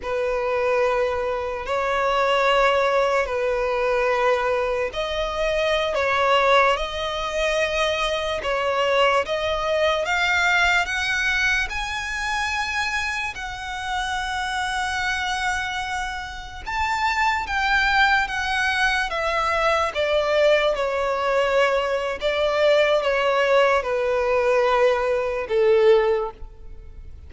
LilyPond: \new Staff \with { instrumentName = "violin" } { \time 4/4 \tempo 4 = 73 b'2 cis''2 | b'2 dis''4~ dis''16 cis''8.~ | cis''16 dis''2 cis''4 dis''8.~ | dis''16 f''4 fis''4 gis''4.~ gis''16~ |
gis''16 fis''2.~ fis''8.~ | fis''16 a''4 g''4 fis''4 e''8.~ | e''16 d''4 cis''4.~ cis''16 d''4 | cis''4 b'2 a'4 | }